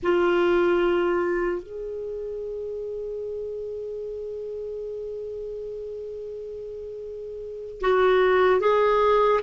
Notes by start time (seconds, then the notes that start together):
0.03 F4
1.63 G#4
7.80 F#4
8.60 G#4